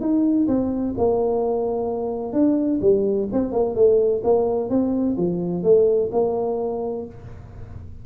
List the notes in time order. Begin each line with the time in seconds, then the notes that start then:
0.00 D#4
0.47 C4
0.97 A#3
2.32 D4
2.81 G3
3.32 C4
3.52 A#3
3.75 A3
4.23 A#3
4.69 C4
5.17 F3
5.63 A3
6.12 A#3